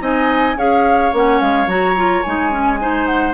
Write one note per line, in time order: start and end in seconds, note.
0.00 0.56 C4
0.00 0.56 D#4
0.00 0.57 D#5
0.00 0.58 G#5
0.56 1.11 C#4
0.56 1.12 G#4
0.56 2.80 C#5
0.56 1.14 F5
1.13 1.41 A#3
1.13 1.68 C#4
1.13 1.41 F#5
1.41 1.66 G#3
1.41 1.68 F5
1.66 2.22 F#3
1.66 1.96 F#4
1.66 2.22 A#5
1.96 2.24 F4
2.22 3.33 G#3
2.22 2.51 D#4
2.22 3.06 G#5
2.51 2.79 C#4
2.80 3.33 D#4
2.80 3.33 C5
3.06 3.33 F#5